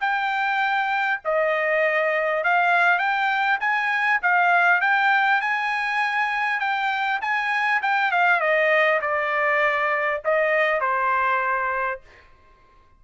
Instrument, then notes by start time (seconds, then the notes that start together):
trumpet
0.00 G5
1.24 D#5
2.44 F5
2.99 G5
3.60 G#5
4.22 F5
4.81 G5
5.41 G#5
6.60 G5
7.21 G#5
7.82 G5
8.11 F5
8.40 D#5
9.01 D5
10.24 D#5
10.81 C5